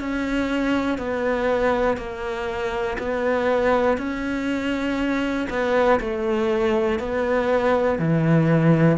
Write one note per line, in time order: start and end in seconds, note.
0.00 0.98 C#4
0.98 1.97 B3
1.97 2.97 A#3
2.99 3.98 B3
3.98 5.48 C#4
5.50 6.00 B3
6.00 6.99 A3
6.99 7.99 B3
7.99 8.98 E3